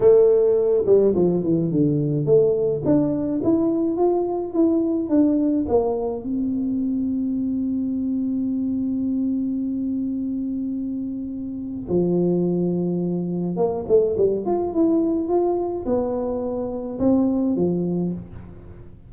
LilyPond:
\new Staff \with { instrumentName = "tuba" } { \time 4/4 \tempo 4 = 106 a4. g8 f8 e8 d4 | a4 d'4 e'4 f'4 | e'4 d'4 ais4 c'4~ | c'1~ |
c'1~ | c'4 f2. | ais8 a8 g8 f'8 e'4 f'4 | b2 c'4 f4 | }